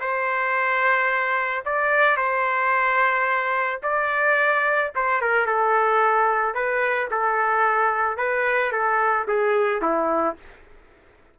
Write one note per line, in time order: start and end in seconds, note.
0.00 1.64 C5
1.65 2.16 D5
2.16 3.80 C5
3.83 4.92 D5
4.95 5.21 C5
5.21 5.46 A#4
5.46 6.54 A4
6.54 7.09 B4
7.11 8.17 A4
8.17 8.72 B4
8.72 9.26 A4
9.28 9.81 G#4
9.81 10.36 E4